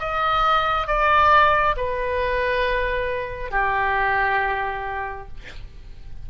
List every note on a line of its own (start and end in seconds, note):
0.00 0.88 D#5
0.88 1.76 D5
1.77 3.52 B4
3.52 5.28 G4